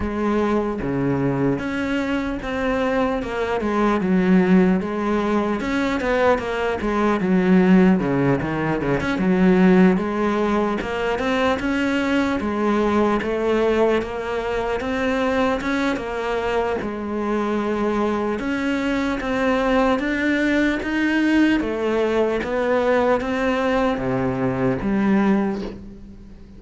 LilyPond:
\new Staff \with { instrumentName = "cello" } { \time 4/4 \tempo 4 = 75 gis4 cis4 cis'4 c'4 | ais8 gis8 fis4 gis4 cis'8 b8 | ais8 gis8 fis4 cis8 dis8 cis16 cis'16 fis8~ | fis8 gis4 ais8 c'8 cis'4 gis8~ |
gis8 a4 ais4 c'4 cis'8 | ais4 gis2 cis'4 | c'4 d'4 dis'4 a4 | b4 c'4 c4 g4 | }